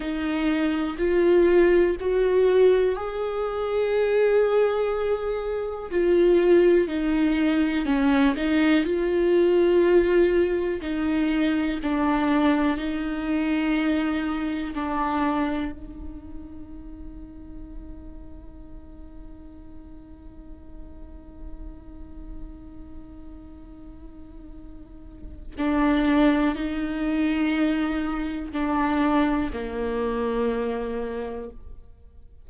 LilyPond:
\new Staff \with { instrumentName = "viola" } { \time 4/4 \tempo 4 = 61 dis'4 f'4 fis'4 gis'4~ | gis'2 f'4 dis'4 | cis'8 dis'8 f'2 dis'4 | d'4 dis'2 d'4 |
dis'1~ | dis'1~ | dis'2 d'4 dis'4~ | dis'4 d'4 ais2 | }